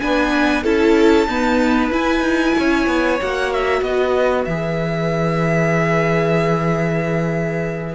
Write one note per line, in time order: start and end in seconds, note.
0.00 0.64 B3
0.00 0.65 D4
0.00 0.64 B4
0.00 0.64 G#5
0.64 1.27 C#4
0.64 1.28 E4
0.64 1.28 A4
0.64 1.93 A5
1.27 1.92 B3
1.27 1.91 D#4
1.27 2.58 B4
1.92 3.19 E4
1.92 2.21 E4
1.92 3.21 G#5
2.21 2.53 D#4
2.59 2.87 C#4
2.59 3.83 C#5
2.87 3.19 B3
3.21 3.82 A#3
3.21 4.49 F#4
3.21 3.53 F#5
3.53 3.83 E5
3.82 4.46 B3
3.82 7.95 B4
3.82 4.45 D#5
4.45 7.95 E3
4.45 7.95 G#4
4.45 7.95 E5